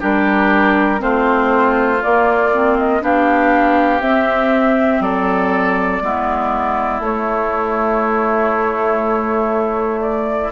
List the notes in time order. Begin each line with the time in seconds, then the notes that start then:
0.00 G3 D4 G4 A#4
0.98 A3 C4 F4 C5
2.01 A#3 D5
2.52 C4
2.78 D#5
3.01 B3 D4 G4 F5
4.00 C4 E5
5.00 F#3 A4 D5
6.02 G#3 B3 E4
6.99 A3 C#5
10.01 D5